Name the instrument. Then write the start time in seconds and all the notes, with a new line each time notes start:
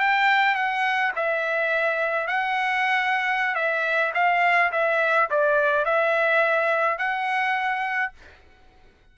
trumpet
0.00 G5
0.55 F#5
1.16 E5
2.27 F#5
3.55 E5
4.14 F5
4.72 E5
5.30 D5
5.85 E5
6.98 F#5